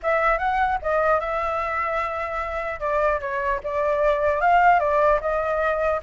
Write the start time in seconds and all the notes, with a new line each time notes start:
0.03 E5
0.38 F#5
0.82 D#5
1.20 E5
2.80 D5
3.20 C#5
3.63 D5
4.41 F5
4.79 D5
5.21 D#5